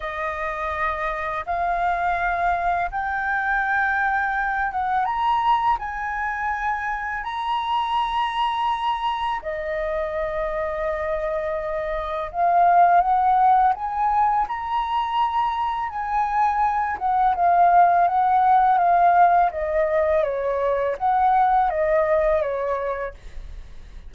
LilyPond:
\new Staff \with { instrumentName = "flute" } { \time 4/4 \tempo 4 = 83 dis''2 f''2 | g''2~ g''8 fis''8 ais''4 | gis''2 ais''2~ | ais''4 dis''2.~ |
dis''4 f''4 fis''4 gis''4 | ais''2 gis''4. fis''8 | f''4 fis''4 f''4 dis''4 | cis''4 fis''4 dis''4 cis''4 | }